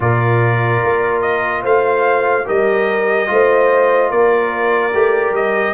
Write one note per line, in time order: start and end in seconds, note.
0.00 0.82 A#2
0.00 2.44 F4
0.00 1.62 A#4
0.00 1.21 D5
0.83 1.63 A#3
1.21 1.62 D#5
1.62 2.45 A3
1.62 2.44 C5
1.62 2.47 F5
2.44 3.29 G3
2.44 3.27 G4
2.44 3.28 A#4
2.44 4.11 D#5
3.27 4.11 A3
3.27 4.91 F4
3.27 4.10 C5
4.10 4.93 A#3
4.10 5.74 A#4
4.10 5.34 D5
4.93 5.31 A3
4.93 5.74 G4
5.31 5.72 G3
5.31 5.74 D#5